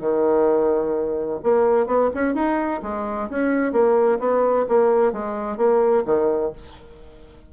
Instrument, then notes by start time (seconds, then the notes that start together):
bassoon
0.00 D#3
1.43 A#3
1.86 B3
2.14 C#4
2.34 D#4
2.82 G#3
3.29 C#4
3.72 A#3
4.19 B3
4.68 A#3
5.12 G#3
5.57 A#3
6.05 D#3